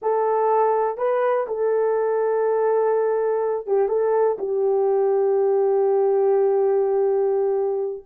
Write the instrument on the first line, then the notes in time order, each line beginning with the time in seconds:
horn
0.01 A4
0.97 B4
1.47 A4
3.67 G4
3.88 A4
4.38 G4